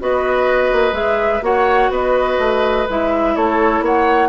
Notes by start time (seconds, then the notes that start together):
0.00 B3 F#4 B4 D#5
0.72 A#3
0.92 G#3 G#4 E5
1.42 A#3 F#4 C#5 F#5
1.90 B3 B4 D#5
2.39 A3
2.89 G#3 E4 E5
3.36 A3 A4 C#5
3.81 A#3 C#5 F#5